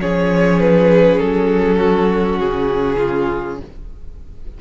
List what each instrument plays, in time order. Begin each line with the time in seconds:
0.00 cello F3, viola C#4, violin G#4 C#5
0.59 violin B4
1.19 cello F#3, violin A4
1.76 violin F#4
2.39 cello C#3, violin G#4
2.98 violin F4